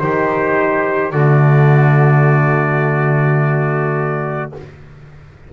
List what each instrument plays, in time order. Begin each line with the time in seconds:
0.00 double bass D#3, horn D#4, trumpet G4 C5
1.12 double bass D3, horn A3, trumpet F#4 D5